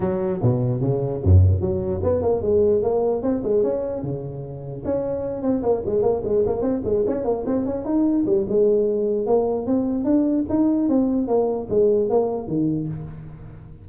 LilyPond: \new Staff \with { instrumentName = "tuba" } { \time 4/4 \tempo 4 = 149 fis4 b,4 cis4 fis,4 | fis4 b8 ais8 gis4 ais4 | c'8 gis8 cis'4 cis2 | cis'4. c'8 ais8 gis8 ais8 gis8 |
ais8 c'8 gis8 cis'8 ais8 c'8 cis'8 dis'8~ | dis'8 g8 gis2 ais4 | c'4 d'4 dis'4 c'4 | ais4 gis4 ais4 dis4 | }